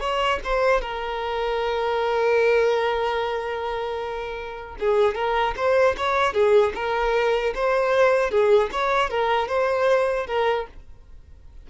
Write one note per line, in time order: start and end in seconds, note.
0.00 0.39 C#5
0.44 0.81 C5
0.81 4.76 A#4
4.79 5.15 G#4
5.15 5.54 A#4
5.56 5.96 C5
5.97 6.33 C#5
6.33 6.73 G#4
6.75 7.54 A#4
7.55 8.31 C5
8.31 8.70 G#4
8.72 9.10 C#5
9.10 9.48 A#4
9.48 10.27 C5
10.27 10.67 A#4